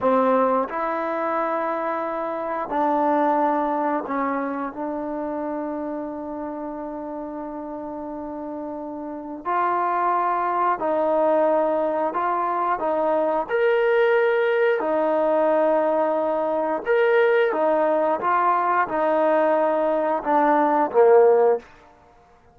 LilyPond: \new Staff \with { instrumentName = "trombone" } { \time 4/4 \tempo 4 = 89 c'4 e'2. | d'2 cis'4 d'4~ | d'1~ | d'2 f'2 |
dis'2 f'4 dis'4 | ais'2 dis'2~ | dis'4 ais'4 dis'4 f'4 | dis'2 d'4 ais4 | }